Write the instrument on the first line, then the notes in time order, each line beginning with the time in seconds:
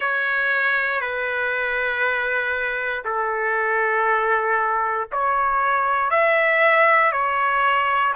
trumpet
0.00 C#5
1.00 B4
3.05 A4
5.11 C#5
6.10 E5
7.12 C#5